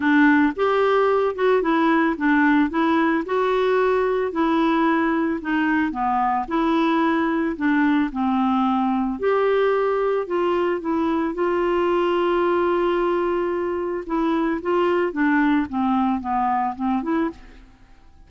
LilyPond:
\new Staff \with { instrumentName = "clarinet" } { \time 4/4 \tempo 4 = 111 d'4 g'4. fis'8 e'4 | d'4 e'4 fis'2 | e'2 dis'4 b4 | e'2 d'4 c'4~ |
c'4 g'2 f'4 | e'4 f'2.~ | f'2 e'4 f'4 | d'4 c'4 b4 c'8 e'8 | }